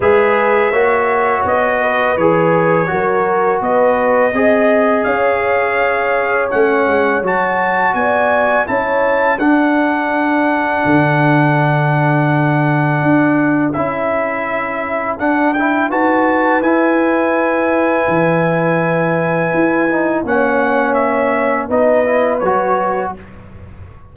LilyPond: <<
  \new Staff \with { instrumentName = "trumpet" } { \time 4/4 \tempo 4 = 83 e''2 dis''4 cis''4~ | cis''4 dis''2 f''4~ | f''4 fis''4 a''4 gis''4 | a''4 fis''2.~ |
fis''2. e''4~ | e''4 fis''8 g''8 a''4 gis''4~ | gis''1 | fis''4 e''4 dis''4 cis''4 | }
  \new Staff \with { instrumentName = "horn" } { \time 4/4 b'4 cis''4. b'4. | ais'4 b'4 dis''4 cis''4~ | cis''2. d''4 | cis''4 a'2.~ |
a'1~ | a'2 b'2~ | b'1 | cis''2 b'2 | }
  \new Staff \with { instrumentName = "trombone" } { \time 4/4 gis'4 fis'2 gis'4 | fis'2 gis'2~ | gis'4 cis'4 fis'2 | e'4 d'2.~ |
d'2. e'4~ | e'4 d'8 e'8 fis'4 e'4~ | e'2.~ e'8 dis'8 | cis'2 dis'8 e'8 fis'4 | }
  \new Staff \with { instrumentName = "tuba" } { \time 4/4 gis4 ais4 b4 e4 | fis4 b4 c'4 cis'4~ | cis'4 a8 gis8 fis4 b4 | cis'4 d'2 d4~ |
d2 d'4 cis'4~ | cis'4 d'4 dis'4 e'4~ | e'4 e2 e'4 | ais2 b4 fis4 | }
>>